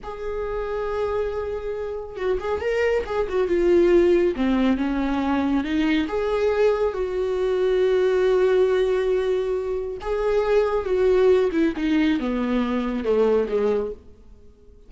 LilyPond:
\new Staff \with { instrumentName = "viola" } { \time 4/4 \tempo 4 = 138 gis'1~ | gis'4 fis'8 gis'8 ais'4 gis'8 fis'8 | f'2 c'4 cis'4~ | cis'4 dis'4 gis'2 |
fis'1~ | fis'2. gis'4~ | gis'4 fis'4. e'8 dis'4 | b2 a4 gis4 | }